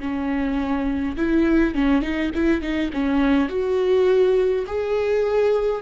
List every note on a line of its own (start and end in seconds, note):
0.00 1.17 C#4
1.17 1.75 E4
1.75 2.02 C#4
2.02 2.31 D#4
2.35 2.62 E4
2.62 2.91 D#4
2.93 3.50 C#4
3.50 4.66 F#4
4.67 5.82 G#4